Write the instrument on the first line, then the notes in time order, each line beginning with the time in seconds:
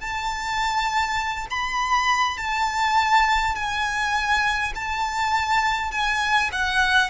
violin
0.00 A5
1.50 B5
2.37 A5
3.55 G#5
4.75 A5
5.91 G#5
6.52 F#5